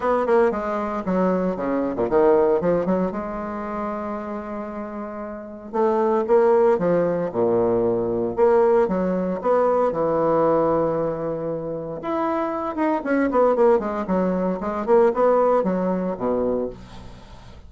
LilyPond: \new Staff \with { instrumentName = "bassoon" } { \time 4/4 \tempo 4 = 115 b8 ais8 gis4 fis4 cis8. ais,16 | dis4 f8 fis8 gis2~ | gis2. a4 | ais4 f4 ais,2 |
ais4 fis4 b4 e4~ | e2. e'4~ | e'8 dis'8 cis'8 b8 ais8 gis8 fis4 | gis8 ais8 b4 fis4 b,4 | }